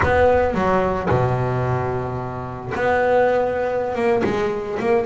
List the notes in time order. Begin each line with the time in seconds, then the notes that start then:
0.02 B3
0.54 F#3
1.09 B2
2.74 B3
3.95 A#3
4.24 G#3
4.79 A#3